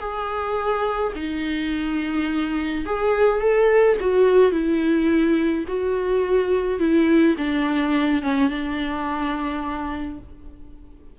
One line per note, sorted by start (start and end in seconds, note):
0.00 1.13 G#4
1.16 2.86 D#4
2.86 3.41 G#4
3.41 3.98 A4
4.01 4.52 F#4
4.52 5.65 E4
5.68 6.80 F#4
6.80 7.36 E4
7.38 8.23 D4
8.23 8.50 C#4
8.50 10.19 D4